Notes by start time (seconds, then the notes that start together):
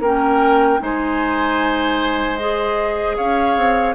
0.00 A#3 C#4 A#4 G5
0.79 G#3 D#4 C5 G#5
2.37 G#4 D#5
3.16 C#4 C#5 F5
3.56 C4